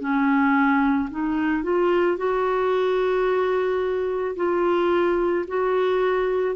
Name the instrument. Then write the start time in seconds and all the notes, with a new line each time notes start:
clarinet
0.00 C#4
1.11 D#4
1.63 F4
2.17 F#4
4.36 F4
5.48 F#4